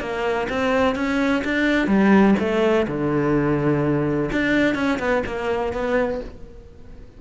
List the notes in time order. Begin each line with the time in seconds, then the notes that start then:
0.00 A#3
0.49 C4
0.95 C#4
1.44 D4
1.87 G3
2.39 A3
2.88 D3
4.32 D4
4.75 C#4
4.99 B3
5.26 A#3
5.73 B3